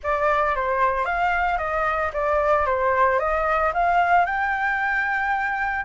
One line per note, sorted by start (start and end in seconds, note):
0.03 0.55 D5
0.55 1.05 C5
1.05 1.58 F5
1.58 2.11 D#5
2.13 2.66 D5
2.66 3.19 C5
3.19 3.72 D#5
3.73 4.25 F5
4.25 5.85 G5